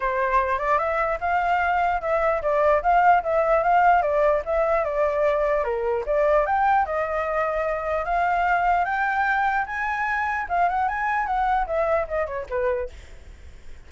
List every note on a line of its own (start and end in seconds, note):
0.00 0.58 C5
0.58 0.78 D5
0.78 1.18 E5
1.20 2.01 F5
2.01 2.41 E5
2.41 2.82 D5
2.82 3.22 F5
3.23 3.63 E5
3.63 4.02 F5
4.02 4.42 D5
4.45 4.84 E5
4.84 5.64 D5
5.64 6.04 A#4
6.06 6.45 D5
6.45 6.85 G5
6.85 8.04 D#5
8.04 8.84 F5
8.84 9.65 G5
9.66 10.46 G#5
10.49 10.68 F5
10.68 10.88 F#5
10.88 11.26 G#5
11.26 11.66 F#5
11.66 12.07 E5
12.08 12.26 D#5
12.26 12.46 C#5
12.49 12.89 B4